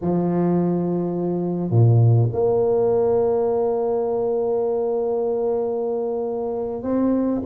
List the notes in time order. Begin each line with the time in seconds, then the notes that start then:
0.01 F3
1.70 A#2
2.32 A#3
6.82 C4